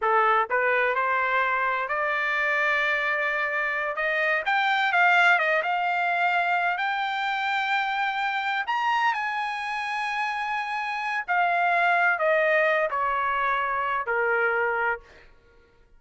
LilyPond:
\new Staff \with { instrumentName = "trumpet" } { \time 4/4 \tempo 4 = 128 a'4 b'4 c''2 | d''1~ | d''8 dis''4 g''4 f''4 dis''8 | f''2~ f''8 g''4.~ |
g''2~ g''8 ais''4 gis''8~ | gis''1 | f''2 dis''4. cis''8~ | cis''2 ais'2 | }